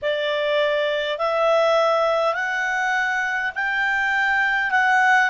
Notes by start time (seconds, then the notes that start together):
0.02 D5
1.18 E5
2.34 F#5
3.55 G5
4.71 F#5